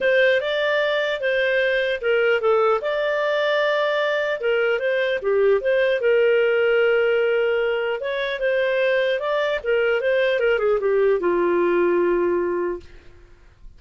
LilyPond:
\new Staff \with { instrumentName = "clarinet" } { \time 4/4 \tempo 4 = 150 c''4 d''2 c''4~ | c''4 ais'4 a'4 d''4~ | d''2. ais'4 | c''4 g'4 c''4 ais'4~ |
ais'1 | cis''4 c''2 d''4 | ais'4 c''4 ais'8 gis'8 g'4 | f'1 | }